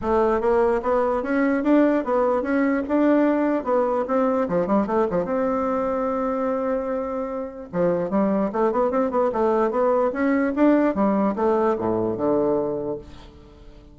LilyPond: \new Staff \with { instrumentName = "bassoon" } { \time 4/4 \tempo 4 = 148 a4 ais4 b4 cis'4 | d'4 b4 cis'4 d'4~ | d'4 b4 c'4 f8 g8 | a8 f8 c'2.~ |
c'2. f4 | g4 a8 b8 c'8 b8 a4 | b4 cis'4 d'4 g4 | a4 a,4 d2 | }